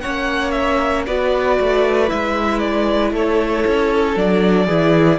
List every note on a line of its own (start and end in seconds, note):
0.00 1.07 A#3
0.00 1.07 C#4
0.00 1.05 C#5
0.00 0.51 F#5
0.51 1.03 E5
1.06 1.59 B3
1.06 2.08 F#4
1.06 3.12 B4
1.06 2.09 D5
1.59 2.11 A3
2.08 3.12 G#3
2.08 4.15 E4
2.08 2.59 E5
2.59 3.11 D5
3.12 3.64 A3
3.12 4.67 A4
3.12 4.18 C#5
3.67 4.16 C#4
4.16 4.67 F#3
4.16 4.67 D4
4.16 5.19 D5
4.67 5.19 E3
4.67 5.19 E4
4.67 5.19 G#4